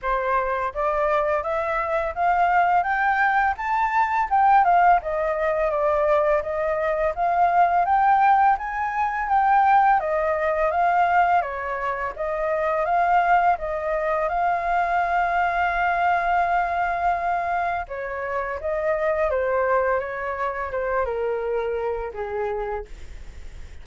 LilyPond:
\new Staff \with { instrumentName = "flute" } { \time 4/4 \tempo 4 = 84 c''4 d''4 e''4 f''4 | g''4 a''4 g''8 f''8 dis''4 | d''4 dis''4 f''4 g''4 | gis''4 g''4 dis''4 f''4 |
cis''4 dis''4 f''4 dis''4 | f''1~ | f''4 cis''4 dis''4 c''4 | cis''4 c''8 ais'4. gis'4 | }